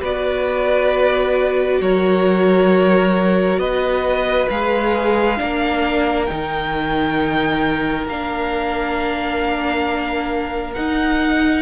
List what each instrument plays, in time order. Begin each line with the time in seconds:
0.00 cello B3, viola F#4, violin B4 D5
1.80 cello F#3, violin A#4 C#5
3.58 cello B3, violin B4 D#5
4.49 cello G#3, viola G#4, violin F5
5.36 cello A#3, viola D4, violin A#4
6.25 cello D#3, viola D#4, violin G5
8.07 cello A#3, viola D4, violin F5
10.73 viola D#4, cello D#4, violin F#5